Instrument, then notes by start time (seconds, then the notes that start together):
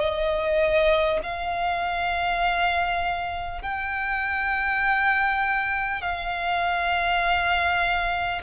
violin
0.00 D#5
1.23 F5
3.62 G5
6.02 F5